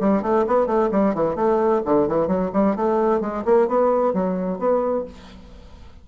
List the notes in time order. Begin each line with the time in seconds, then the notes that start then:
0.00 G3
0.22 A3
0.47 B3
0.66 A3
0.91 G3
1.14 E3
1.35 A3
1.85 D3
2.07 E3
2.27 F#3
2.53 G3
2.75 A3
3.21 G#3
3.45 A#3
3.68 B3
4.13 F#3
4.58 B3